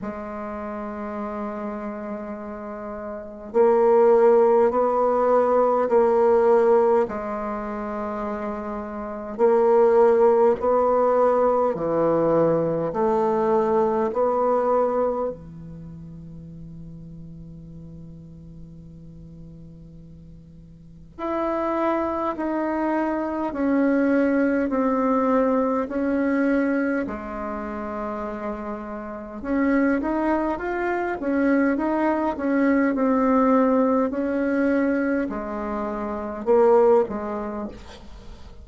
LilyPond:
\new Staff \with { instrumentName = "bassoon" } { \time 4/4 \tempo 4 = 51 gis2. ais4 | b4 ais4 gis2 | ais4 b4 e4 a4 | b4 e2.~ |
e2 e'4 dis'4 | cis'4 c'4 cis'4 gis4~ | gis4 cis'8 dis'8 f'8 cis'8 dis'8 cis'8 | c'4 cis'4 gis4 ais8 gis8 | }